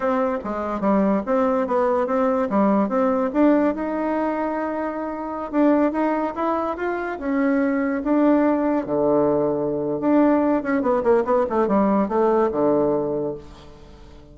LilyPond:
\new Staff \with { instrumentName = "bassoon" } { \time 4/4 \tempo 4 = 144 c'4 gis4 g4 c'4 | b4 c'4 g4 c'4 | d'4 dis'2.~ | dis'4~ dis'16 d'4 dis'4 e'8.~ |
e'16 f'4 cis'2 d'8.~ | d'4~ d'16 d2~ d8. | d'4. cis'8 b8 ais8 b8 a8 | g4 a4 d2 | }